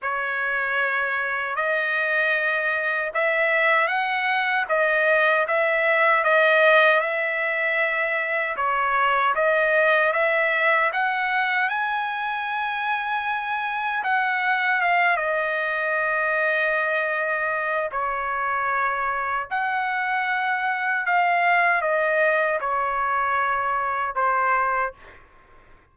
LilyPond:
\new Staff \with { instrumentName = "trumpet" } { \time 4/4 \tempo 4 = 77 cis''2 dis''2 | e''4 fis''4 dis''4 e''4 | dis''4 e''2 cis''4 | dis''4 e''4 fis''4 gis''4~ |
gis''2 fis''4 f''8 dis''8~ | dis''2. cis''4~ | cis''4 fis''2 f''4 | dis''4 cis''2 c''4 | }